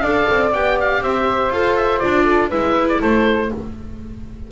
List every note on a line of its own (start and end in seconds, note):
0.00 0.26 D4
0.00 0.53 A4
0.00 1.02 D5
0.00 0.50 F5
0.30 0.54 C4
0.54 1.01 B3
0.54 1.53 G4
0.54 0.79 G5
0.81 1.04 F5
1.01 1.50 C4
1.01 2.24 C5
1.01 1.53 E5
1.50 2.00 F4
1.50 2.01 A4
1.50 1.77 F5
1.77 2.00 E5
2.00 2.52 D4
2.00 2.51 F4
2.00 2.49 D5
2.24 2.49 A4
2.49 3.02 G#3
2.49 3.51 E4
2.49 2.99 B4
2.49 2.88 E5
2.89 3.02 D5
3.00 3.52 A3
3.00 3.50 A4
3.00 3.52 C5